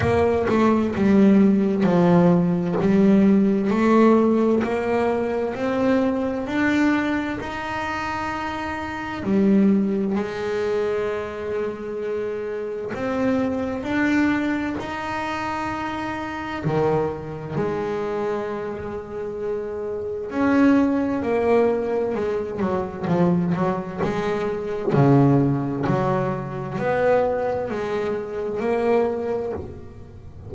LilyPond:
\new Staff \with { instrumentName = "double bass" } { \time 4/4 \tempo 4 = 65 ais8 a8 g4 f4 g4 | a4 ais4 c'4 d'4 | dis'2 g4 gis4~ | gis2 c'4 d'4 |
dis'2 dis4 gis4~ | gis2 cis'4 ais4 | gis8 fis8 f8 fis8 gis4 cis4 | fis4 b4 gis4 ais4 | }